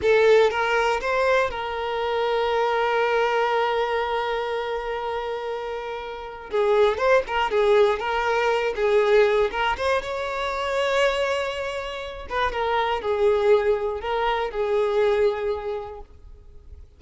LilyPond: \new Staff \with { instrumentName = "violin" } { \time 4/4 \tempo 4 = 120 a'4 ais'4 c''4 ais'4~ | ais'1~ | ais'1~ | ais'4 gis'4 c''8 ais'8 gis'4 |
ais'4. gis'4. ais'8 c''8 | cis''1~ | cis''8 b'8 ais'4 gis'2 | ais'4 gis'2. | }